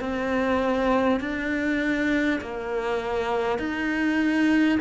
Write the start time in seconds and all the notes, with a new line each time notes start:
0.00 C4
1.20 D4
2.41 A#3
3.59 D#4